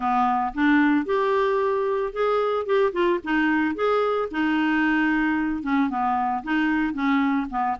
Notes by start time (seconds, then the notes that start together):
0.00 B3
0.54 D4
1.05 G4
2.12 G#4
2.65 G4
2.92 F4
3.23 D#4
3.75 G#4
4.31 D#4
5.62 C#4
5.89 B3
6.43 D#4
6.93 C#4
7.50 B3